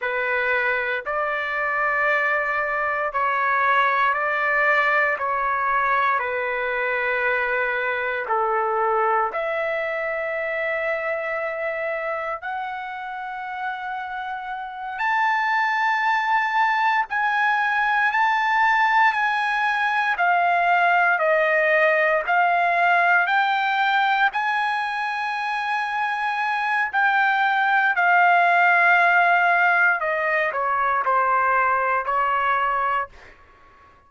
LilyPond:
\new Staff \with { instrumentName = "trumpet" } { \time 4/4 \tempo 4 = 58 b'4 d''2 cis''4 | d''4 cis''4 b'2 | a'4 e''2. | fis''2~ fis''8 a''4.~ |
a''8 gis''4 a''4 gis''4 f''8~ | f''8 dis''4 f''4 g''4 gis''8~ | gis''2 g''4 f''4~ | f''4 dis''8 cis''8 c''4 cis''4 | }